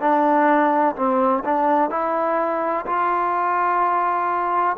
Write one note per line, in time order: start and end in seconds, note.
0.00 0.95 D4
0.96 1.43 C4
1.45 1.90 D4
1.90 2.86 E4
2.86 4.77 F4